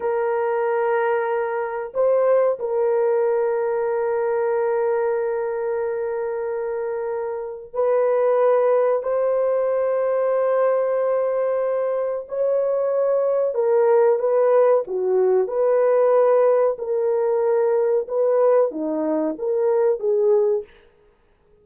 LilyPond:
\new Staff \with { instrumentName = "horn" } { \time 4/4 \tempo 4 = 93 ais'2. c''4 | ais'1~ | ais'1 | b'2 c''2~ |
c''2. cis''4~ | cis''4 ais'4 b'4 fis'4 | b'2 ais'2 | b'4 dis'4 ais'4 gis'4 | }